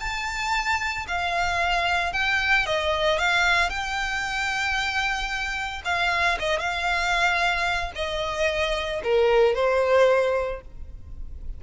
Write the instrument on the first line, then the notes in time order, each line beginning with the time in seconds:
violin
0.00 A5
1.08 F5
2.13 G5
2.66 D#5
3.19 F5
3.70 G5
5.85 F5
6.40 D#5
6.59 F5
7.95 D#5
9.04 A#4
9.55 C5